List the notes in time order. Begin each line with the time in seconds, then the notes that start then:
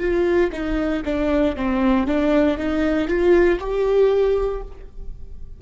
0.00 F4
0.52 D#4
1.05 D4
1.56 C4
2.07 D4
2.58 D#4
3.08 F4
3.60 G4